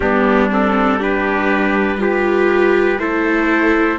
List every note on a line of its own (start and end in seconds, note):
0.00 2.99 G3
0.00 0.50 B3
0.00 0.99 D4
0.00 0.49 G4
0.50 0.99 C4
0.50 1.02 A4
0.99 1.98 D4
0.99 1.99 G4
0.99 2.01 B4
1.98 2.98 F4
1.98 2.99 G4
1.98 3.00 B4
2.98 3.99 A3
2.98 3.98 E4
2.98 3.99 A4
2.98 3.99 C5